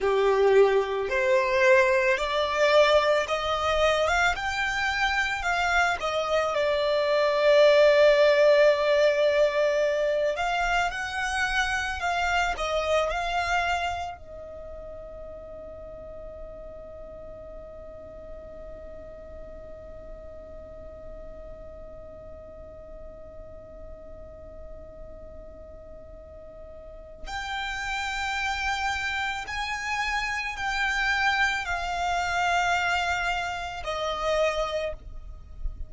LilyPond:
\new Staff \with { instrumentName = "violin" } { \time 4/4 \tempo 4 = 55 g'4 c''4 d''4 dis''8. f''16 | g''4 f''8 dis''8 d''2~ | d''4. f''8 fis''4 f''8 dis''8 | f''4 dis''2.~ |
dis''1~ | dis''1~ | dis''4 g''2 gis''4 | g''4 f''2 dis''4 | }